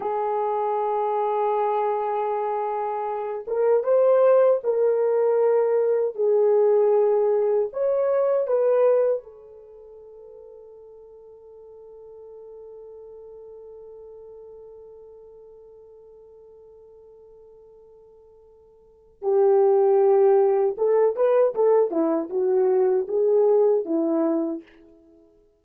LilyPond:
\new Staff \with { instrumentName = "horn" } { \time 4/4 \tempo 4 = 78 gis'1~ | gis'8 ais'8 c''4 ais'2 | gis'2 cis''4 b'4 | a'1~ |
a'1~ | a'1~ | a'4 g'2 a'8 b'8 | a'8 e'8 fis'4 gis'4 e'4 | }